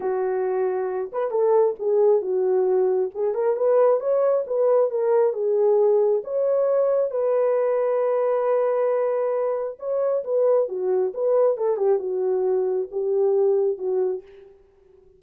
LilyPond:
\new Staff \with { instrumentName = "horn" } { \time 4/4 \tempo 4 = 135 fis'2~ fis'8 b'8 a'4 | gis'4 fis'2 gis'8 ais'8 | b'4 cis''4 b'4 ais'4 | gis'2 cis''2 |
b'1~ | b'2 cis''4 b'4 | fis'4 b'4 a'8 g'8 fis'4~ | fis'4 g'2 fis'4 | }